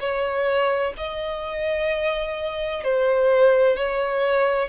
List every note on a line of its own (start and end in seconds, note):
0.00 0.94 C#5
0.98 2.84 D#5
2.84 3.76 C5
3.76 4.69 C#5